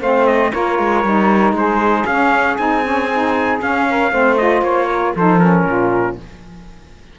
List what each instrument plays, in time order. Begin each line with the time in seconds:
0.00 cello A3, saxophone C4 C5, trumpet F5
0.26 trumpet D#5
0.52 cello A#3, saxophone F4 A#4, trumpet C#5
0.78 cello G#3
1.03 cello G3, saxophone D#4
1.52 cello G#3, saxophone G#4, trumpet C5
2.05 cello C#4, saxophone C#4, trumpet F5
2.57 cello C4, saxophone D#4, trumpet G#5
2.82 saxophone C#4
3.13 saxophone D#4
3.59 saxophone C#4, cello C#4, trumpet F5
3.89 saxophone A#4
4.11 cello A3, saxophone C4 C5
4.37 saxophone F4, trumpet D#5
4.61 cello A#3, trumpet C#5
4.89 saxophone A#4
5.13 cello F3, saxophone D#4 A4, trumpet C5
5.39 saxophone C#4, trumpet A#4
5.65 cello A#2, saxophone F4